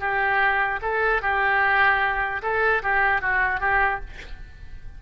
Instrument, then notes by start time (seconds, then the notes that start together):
oboe
0.00 G4
0.82 A4
1.22 G4
2.43 A4
2.83 G4
3.22 F#4
3.61 G4